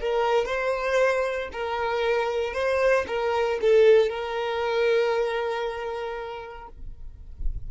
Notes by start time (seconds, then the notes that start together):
0.00 A#4
0.46 C5
1.52 A#4
2.53 C5
3.07 A#4
3.61 A4
4.09 A#4